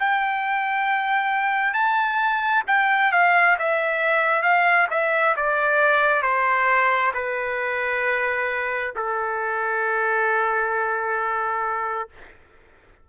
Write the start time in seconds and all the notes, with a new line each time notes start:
0.00 G5
1.74 A5
2.67 G5
3.13 F5
3.59 E5
4.43 F5
4.91 E5
5.37 D5
6.23 C5
7.14 B4
8.96 A4